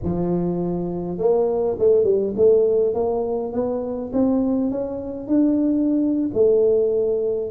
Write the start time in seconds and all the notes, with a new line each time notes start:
0.03 F3
1.18 A#3
1.79 A3
2.04 G3
2.36 A3
2.94 A#3
3.52 B3
4.13 C4
4.71 C#4
5.27 D4
6.33 A3